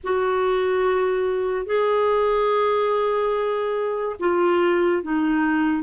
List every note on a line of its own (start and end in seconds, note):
0.03 1.66 F#4
1.66 4.16 G#4
4.19 5.02 F4
5.02 5.83 D#4